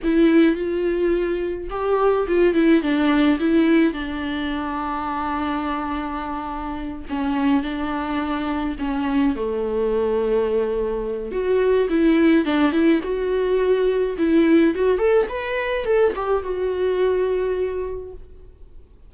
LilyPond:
\new Staff \with { instrumentName = "viola" } { \time 4/4 \tempo 4 = 106 e'4 f'2 g'4 | f'8 e'8 d'4 e'4 d'4~ | d'1~ | d'8 cis'4 d'2 cis'8~ |
cis'8 a2.~ a8 | fis'4 e'4 d'8 e'8 fis'4~ | fis'4 e'4 fis'8 a'8 b'4 | a'8 g'8 fis'2. | }